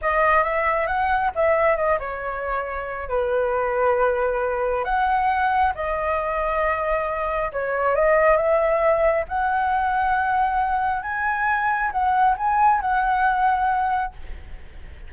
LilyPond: \new Staff \with { instrumentName = "flute" } { \time 4/4 \tempo 4 = 136 dis''4 e''4 fis''4 e''4 | dis''8 cis''2~ cis''8 b'4~ | b'2. fis''4~ | fis''4 dis''2.~ |
dis''4 cis''4 dis''4 e''4~ | e''4 fis''2.~ | fis''4 gis''2 fis''4 | gis''4 fis''2. | }